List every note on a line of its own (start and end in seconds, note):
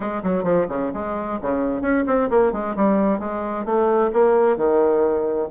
0.00 0.22 G#3
0.23 0.43 F#3
0.43 0.66 F3
0.68 0.91 C#3
0.93 1.39 G#3
1.41 1.81 C#3
1.81 2.04 C#4
2.06 2.29 C4
2.30 2.52 A#3
2.52 2.75 G#3
2.75 3.19 G3
3.19 3.65 G#3
3.65 4.11 A3
4.13 4.56 A#3
4.56 5.48 D#3